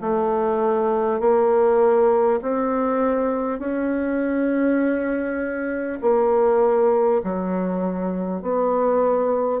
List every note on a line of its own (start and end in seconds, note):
0.00 1.20 A3
1.20 2.40 A#3
2.42 3.59 C4
3.59 5.99 C#4
6.01 7.21 A#3
7.23 8.42 F#3
8.42 9.60 B3